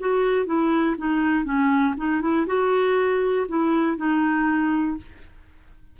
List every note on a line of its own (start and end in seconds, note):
0.00 0.46 F#4
0.46 0.96 E4
0.98 1.45 D#4
1.45 1.95 C#4
1.98 2.22 D#4
2.22 2.47 E4
2.47 3.47 F#4
3.49 3.98 E4
3.98 4.98 D#4